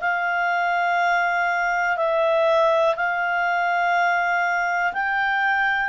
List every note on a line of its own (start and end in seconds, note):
0.00 1.97 F5
1.97 2.95 E5
2.96 4.93 F5
4.93 5.89 G5